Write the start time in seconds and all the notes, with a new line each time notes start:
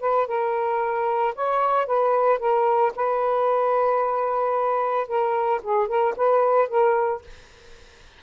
0.00 B4
0.27 A#4
1.35 C#5
1.86 B4
2.38 A#4
2.95 B4
5.07 A#4
5.62 G#4
5.87 A#4
6.16 B4
6.68 A#4